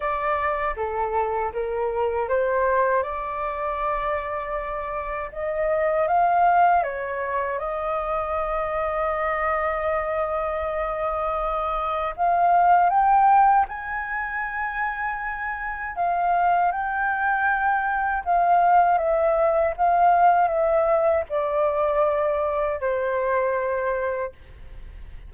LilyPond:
\new Staff \with { instrumentName = "flute" } { \time 4/4 \tempo 4 = 79 d''4 a'4 ais'4 c''4 | d''2. dis''4 | f''4 cis''4 dis''2~ | dis''1 |
f''4 g''4 gis''2~ | gis''4 f''4 g''2 | f''4 e''4 f''4 e''4 | d''2 c''2 | }